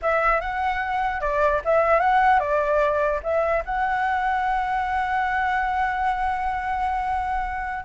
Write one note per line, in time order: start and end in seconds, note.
0.02 0.40 E5
0.40 1.20 F#5
1.20 1.61 D5
1.64 2.00 E5
2.00 2.39 F#5
2.39 3.20 D5
3.23 3.63 E5
3.65 7.84 F#5